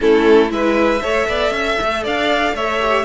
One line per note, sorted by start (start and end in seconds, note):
0.00 0.50 A3
0.00 0.48 C#4
0.00 0.51 E4
0.00 0.51 A4
0.48 1.01 G#3
0.48 0.99 E4
0.48 1.02 B4
0.48 2.04 E5
1.02 1.27 A3
1.02 2.80 A4
1.02 1.27 C#5
1.28 1.50 B3
1.28 1.52 D5
1.50 1.76 C#4
1.50 2.03 E5
1.80 2.06 A3
2.03 2.53 D4
2.03 2.54 D5
2.03 2.56 F5
2.53 3.04 A3
2.53 3.04 C#5
2.53 3.04 E5
2.80 3.04 G4